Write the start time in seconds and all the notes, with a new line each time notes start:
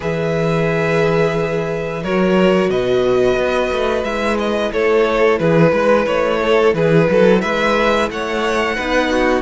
0.00 E3 G#4 B4 E5
2.02 F#3 F#4 A#4 C#5
2.69 B2 B4 D#5
3.37 B3
3.71 A3
4.03 G#3 E4 E5
4.38 D#5
4.72 A3 A4 C#5
5.38 E3 G#4 B4
5.72 G#3 B4
6.06 A3 C#5
6.42 A4
6.73 E3 G#4 B4
7.10 F#3 A4
7.41 G#3 B4 E5
8.09 A3 C#5 F#5
8.75 B3 D#4 B4
9.10 F#4